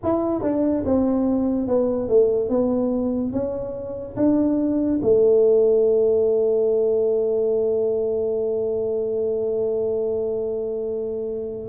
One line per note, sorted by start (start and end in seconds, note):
0.03 0.42 E4
0.42 0.84 D4
0.85 1.67 C4
1.67 2.08 B3
2.08 2.49 A3
2.49 3.32 B3
3.32 4.16 C#4
4.16 5.00 D4
5.02 11.68 A3